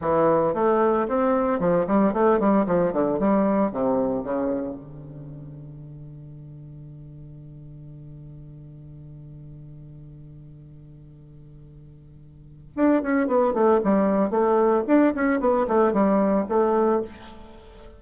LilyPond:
\new Staff \with { instrumentName = "bassoon" } { \time 4/4 \tempo 4 = 113 e4 a4 c'4 f8 g8 | a8 g8 f8 d8 g4 c4 | cis4 d2.~ | d1~ |
d1~ | d1 | d'8 cis'8 b8 a8 g4 a4 | d'8 cis'8 b8 a8 g4 a4 | }